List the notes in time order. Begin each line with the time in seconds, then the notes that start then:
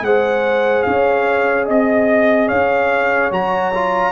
0.00 G#3 G#4 C5 F#5
0.82 C#4 C#5 F5
1.65 C4 D#5
2.48 C#4 C#5 F5
3.30 F#3 F#4 A#5
3.74 F4